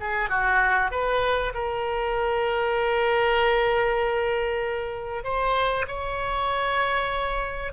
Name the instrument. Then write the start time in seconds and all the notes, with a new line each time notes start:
oboe
0.00 G#4
0.29 F#4
0.91 B4
1.54 A#4
5.24 C5
5.87 C#5